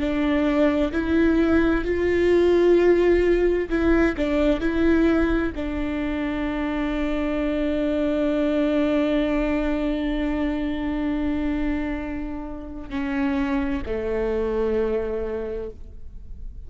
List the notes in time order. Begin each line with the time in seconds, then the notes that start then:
0.00 D4
0.93 E4
1.85 F4
3.70 E4
4.17 D4
4.61 E4
5.56 D4
12.90 C#4
13.86 A3